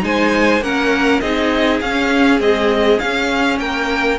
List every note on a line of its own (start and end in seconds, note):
0.00 0.61 G#3
0.00 0.59 D#4
0.00 0.63 C5
0.00 0.62 G#5
0.61 1.20 A#3
0.61 1.22 C#4
0.61 1.22 A#4
0.61 1.20 F#5
1.20 1.81 C4
1.20 1.82 D#4
1.20 3.59 G#4
1.20 1.80 D#5
1.80 2.39 C#4
1.80 2.40 C#4
1.80 2.40 F5
2.39 2.98 G#3
2.39 2.99 C4
2.39 2.99 D#5
2.98 4.17 C#4
2.98 3.59 C#4
2.98 3.58 F5
3.59 4.18 A#3
3.59 4.19 A#4
3.59 4.18 G5